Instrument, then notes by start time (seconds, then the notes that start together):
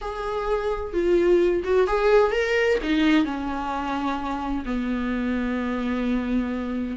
viola
0.01 G#4
0.93 F4
1.63 F#4
1.87 G#4
2.31 A#4
2.82 D#4
3.24 C#4
4.65 B3